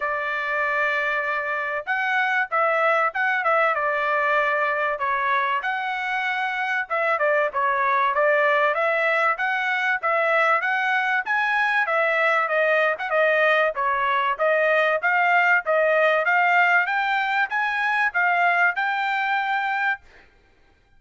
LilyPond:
\new Staff \with { instrumentName = "trumpet" } { \time 4/4 \tempo 4 = 96 d''2. fis''4 | e''4 fis''8 e''8 d''2 | cis''4 fis''2 e''8 d''8 | cis''4 d''4 e''4 fis''4 |
e''4 fis''4 gis''4 e''4 | dis''8. fis''16 dis''4 cis''4 dis''4 | f''4 dis''4 f''4 g''4 | gis''4 f''4 g''2 | }